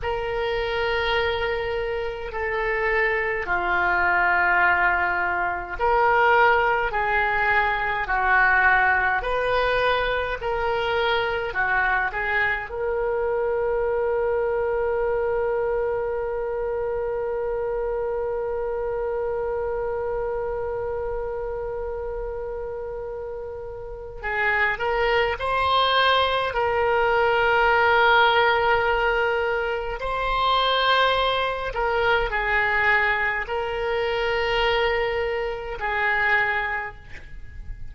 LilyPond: \new Staff \with { instrumentName = "oboe" } { \time 4/4 \tempo 4 = 52 ais'2 a'4 f'4~ | f'4 ais'4 gis'4 fis'4 | b'4 ais'4 fis'8 gis'8 ais'4~ | ais'1~ |
ais'1~ | ais'4 gis'8 ais'8 c''4 ais'4~ | ais'2 c''4. ais'8 | gis'4 ais'2 gis'4 | }